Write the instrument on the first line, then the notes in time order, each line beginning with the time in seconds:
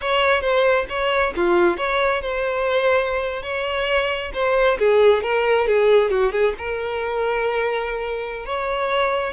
violin
0.01 C#5
0.41 C5
0.89 C#5
1.36 F4
1.77 C#5
2.21 C5
3.42 C#5
4.33 C5
4.79 G#4
5.22 A#4
5.67 G#4
6.10 F#4
6.31 G#4
6.58 A#4
8.45 C#5